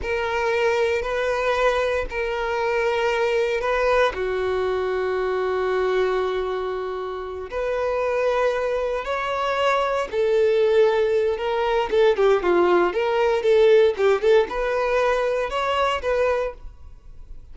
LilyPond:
\new Staff \with { instrumentName = "violin" } { \time 4/4 \tempo 4 = 116 ais'2 b'2 | ais'2. b'4 | fis'1~ | fis'2~ fis'8 b'4.~ |
b'4. cis''2 a'8~ | a'2 ais'4 a'8 g'8 | f'4 ais'4 a'4 g'8 a'8 | b'2 cis''4 b'4 | }